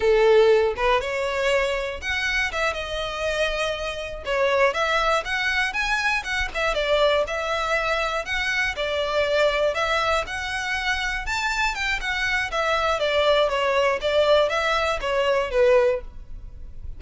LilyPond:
\new Staff \with { instrumentName = "violin" } { \time 4/4 \tempo 4 = 120 a'4. b'8 cis''2 | fis''4 e''8 dis''2~ dis''8~ | dis''8 cis''4 e''4 fis''4 gis''8~ | gis''8 fis''8 e''8 d''4 e''4.~ |
e''8 fis''4 d''2 e''8~ | e''8 fis''2 a''4 g''8 | fis''4 e''4 d''4 cis''4 | d''4 e''4 cis''4 b'4 | }